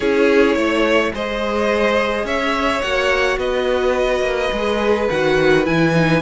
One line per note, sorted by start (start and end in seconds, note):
0.00 0.55 C#4
0.00 1.12 E4
0.00 0.55 G#4
0.00 1.13 C#5
0.55 1.12 A3
0.55 1.12 C#5
1.12 2.24 G#3
1.12 2.82 G#4
1.12 2.25 C5
1.12 2.27 D#5
2.24 2.81 C#4
2.24 3.38 C#5
2.24 2.81 E5
2.81 3.37 A#3
2.81 4.52 F#4
2.81 3.38 F#5
3.37 4.21 B3
3.37 6.21 B4
3.37 5.08 D#5
4.21 4.49 A#3
4.52 5.08 G#3
4.52 5.09 G#4
5.09 5.67 D#3
5.09 5.65 F#4
5.09 5.65 F#5
5.65 6.21 E3
5.65 5.93 E4
5.65 6.21 G#5
5.94 6.21 D#4